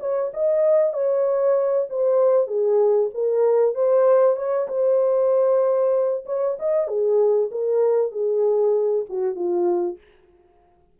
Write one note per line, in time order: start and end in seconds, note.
0.00 0.31 C#5
0.34 0.93 D#5
0.93 1.87 C#5
1.89 2.47 C5
2.47 3.10 G#4
3.14 3.74 A#4
3.74 4.36 C5
4.36 4.68 C#5
4.68 6.24 C5
6.26 6.57 C#5
6.59 6.88 D#5
6.88 7.50 G#4
7.51 8.12 A#4
8.12 9.05 G#4
9.09 9.35 F#4
9.35 9.98 F4